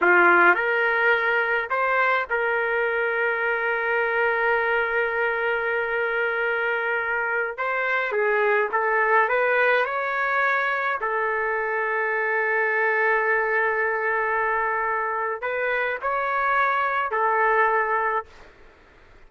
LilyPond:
\new Staff \with { instrumentName = "trumpet" } { \time 4/4 \tempo 4 = 105 f'4 ais'2 c''4 | ais'1~ | ais'1~ | ais'4~ ais'16 c''4 gis'4 a'8.~ |
a'16 b'4 cis''2 a'8.~ | a'1~ | a'2. b'4 | cis''2 a'2 | }